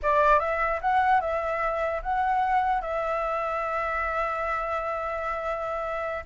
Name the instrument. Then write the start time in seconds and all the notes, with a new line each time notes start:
flute
0.02 D5
0.39 E5
0.81 F#5
1.21 E5
2.02 F#5
2.81 E5